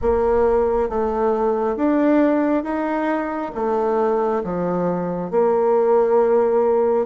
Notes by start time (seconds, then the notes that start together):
0.01 A#3
0.89 A3
1.76 D4
2.63 D#4
3.54 A3
4.44 F3
5.30 A#3